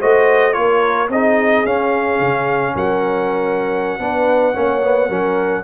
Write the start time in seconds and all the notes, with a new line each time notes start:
0.00 A3 F#4 C5 D#5
0.53 A#3 F4 A#4 C#5
1.09 C4 D#4 G#4 D#5
1.65 C#4 F5
2.20 C#3
2.75 F#3 A#4 F#5
4.00 B3 D4 B4
4.54 A#3 C#4 C#5
4.83 B3
5.08 F#3 C#4 A#4